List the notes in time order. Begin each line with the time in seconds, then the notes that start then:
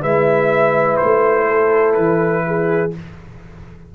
0.00 G#3 E4 B4 E5
0.96 C5
1.03 A3
1.46 A4
1.93 E3 B4
2.46 G#4